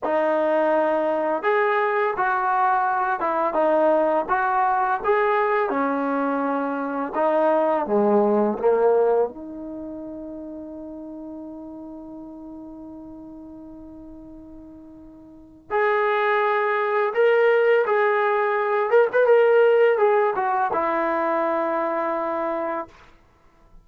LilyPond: \new Staff \with { instrumentName = "trombone" } { \time 4/4 \tempo 4 = 84 dis'2 gis'4 fis'4~ | fis'8 e'8 dis'4 fis'4 gis'4 | cis'2 dis'4 gis4 | ais4 dis'2.~ |
dis'1~ | dis'2 gis'2 | ais'4 gis'4. ais'16 b'16 ais'4 | gis'8 fis'8 e'2. | }